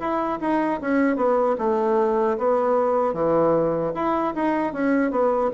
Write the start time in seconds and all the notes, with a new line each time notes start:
0.00 E4
0.41 D#4
0.81 C#4
1.17 B3
1.59 A3
2.38 B3
3.14 E3
3.95 E4
4.36 D#4
4.74 C#4
5.11 B3